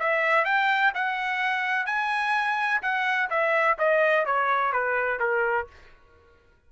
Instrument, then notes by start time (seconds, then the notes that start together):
trumpet
0.00 E5
0.45 G5
0.95 F#5
1.86 G#5
2.82 F#5
3.31 E5
3.79 D#5
4.26 C#5
4.73 B4
5.20 A#4